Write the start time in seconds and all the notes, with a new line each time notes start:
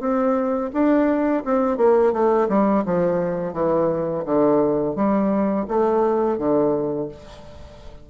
0.00 C4
0.73 D4
1.45 C4
1.77 A#3
2.13 A3
2.49 G3
2.85 F3
3.53 E3
4.25 D3
4.95 G3
5.68 A3
6.38 D3